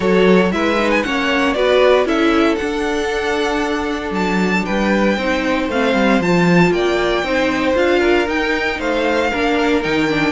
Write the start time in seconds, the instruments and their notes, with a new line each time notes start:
0.00 cello F#3, viola F#4, violin A4 C#5
0.51 cello G#3, viola E4, violin B4 E5
0.78 viola D#4
0.90 violin G#5
1.02 cello A#3, viola C#4, violin C#5 F#5
1.53 cello B3, viola F#4, violin B4 D5
2.05 cello C#4, viola E4, violin A4 E5
2.55 viola D4, cello D4, violin F#5
4.11 cello F#3, violin A5
4.65 cello G3, violin B4 G5
5.16 cello C4, viola D#4, violin C5
5.68 cello A3, viola C4, violin F5
5.94 cello G3
6.20 cello F3, viola F4, violin A5
6.71 cello A#3, violin D5 G5
7.22 cello C4, viola D#4, violin C5
7.74 cello D4, viola F4, violin F5
7.99 violin A#4
8.27 viola D#4, cello D#4, violin G5
8.79 cello A3, violin C5 F5
9.30 cello A#3, viola D4, violin A#4
9.82 cello D#3, viola D#4, violin G5
10.09 viola D4